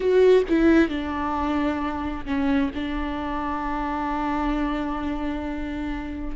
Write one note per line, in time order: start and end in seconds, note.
0.00 0.43 F#4
0.48 0.88 E4
0.88 2.25 D4
2.25 2.71 C#4
2.74 6.36 D4